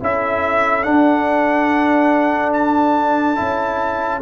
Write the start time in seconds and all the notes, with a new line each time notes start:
0.00 C#4 E4 A4 E5
0.83 D4 F#5
2.53 A5
3.36 C#4 E4